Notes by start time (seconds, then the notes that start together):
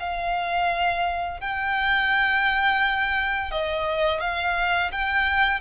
0.00 F5
1.41 G5
3.52 D#5
4.21 F5
4.92 G5